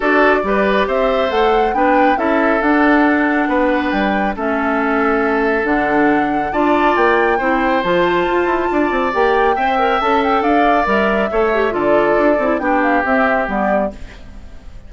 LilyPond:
<<
  \new Staff \with { instrumentName = "flute" } { \time 4/4 \tempo 4 = 138 d''2 e''4 fis''4 | g''4 e''4 fis''2~ | fis''4 g''4 e''2~ | e''4 fis''2 a''4 |
g''2 a''2~ | a''4 g''2 a''8 g''8 | f''4 e''2 d''4~ | d''4 g''8 f''8 e''4 d''4 | }
  \new Staff \with { instrumentName = "oboe" } { \time 4/4 a'4 b'4 c''2 | b'4 a'2. | b'2 a'2~ | a'2. d''4~ |
d''4 c''2. | d''2 e''2 | d''2 cis''4 a'4~ | a'4 g'2. | }
  \new Staff \with { instrumentName = "clarinet" } { \time 4/4 fis'4 g'2 a'4 | d'4 e'4 d'2~ | d'2 cis'2~ | cis'4 d'2 f'4~ |
f'4 e'4 f'2~ | f'4 g'4 c''8 ais'8 a'4~ | a'4 ais'4 a'8 g'8 f'4~ | f'8 e'8 d'4 c'4 b4 | }
  \new Staff \with { instrumentName = "bassoon" } { \time 4/4 d'4 g4 c'4 a4 | b4 cis'4 d'2 | b4 g4 a2~ | a4 d2 d'4 |
ais4 c'4 f4 f'8 e'8 | d'8 c'8 ais4 c'4 cis'4 | d'4 g4 a4 d4 | d'8 c'8 b4 c'4 g4 | }
>>